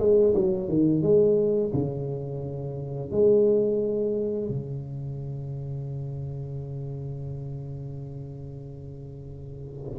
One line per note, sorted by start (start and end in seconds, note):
0.00 0.34 G#3
0.35 0.69 F#3
0.69 1.03 D#3
1.03 1.72 G#3
1.74 3.11 C#3
3.11 4.49 G#3
4.49 9.99 C#3